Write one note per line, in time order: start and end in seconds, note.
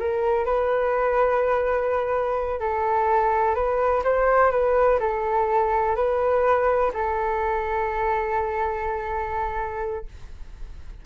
0.00 0.46 A#4
0.46 2.60 B4
2.60 3.55 A4
3.55 4.03 B4
4.05 4.52 C5
4.52 5.00 B4
5.00 5.96 A4
5.96 6.92 B4
6.94 10.06 A4